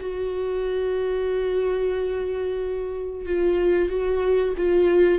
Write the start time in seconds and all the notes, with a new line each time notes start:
0.00 F#4
3.25 F4
3.89 F#4
4.57 F4